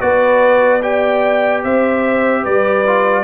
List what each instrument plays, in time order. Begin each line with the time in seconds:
0.00 tuba B3, trombone F#4, horn B4, trumpet D5
0.82 trombone G4, horn D5, trumpet G5
1.64 tuba C4, horn C5, trumpet E5
2.42 tuba G3, horn B4, trumpet D5
2.87 trombone F4